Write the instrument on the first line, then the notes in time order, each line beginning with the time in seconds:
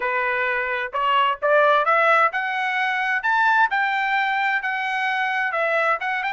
trumpet
0.00 B4
0.92 C#5
1.42 D5
1.85 E5
2.32 F#5
3.22 A5
3.70 G5
4.62 F#5
5.52 E5
6.00 F#5
6.23 G5